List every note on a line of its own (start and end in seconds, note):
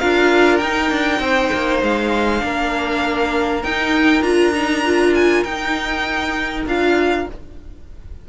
0.00 0.62 D4
0.00 0.61 F4
0.00 1.21 A#4
0.00 0.57 F5
0.57 0.91 D#4
0.57 1.79 G5
0.63 2.40 D#4
0.91 1.20 D4
1.20 1.50 C4
1.20 2.44 C5
1.54 1.83 A#3
1.83 2.43 G#3
1.83 3.64 F5
2.40 3.64 A#3
2.40 3.61 D4
2.40 7.29 A#4
3.64 4.22 D#4
3.64 4.23 D#4
3.64 4.23 G5
4.22 5.44 D4
4.22 4.53 F4
4.22 5.14 A#5
4.55 4.85 D#4
4.85 5.46 F4
5.15 5.44 G#5
5.44 6.66 D#4
5.44 6.67 D#4
5.44 6.65 G5
6.67 7.27 D4
6.67 7.29 F4
6.67 7.29 F5